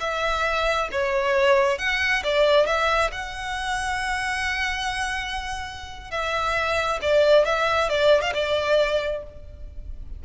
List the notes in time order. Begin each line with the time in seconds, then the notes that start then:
0.00 E5
0.92 C#5
1.78 F#5
2.24 D5
2.66 E5
3.12 F#5
6.11 E5
7.02 D5
7.45 E5
7.89 D5
8.22 F5
8.34 D5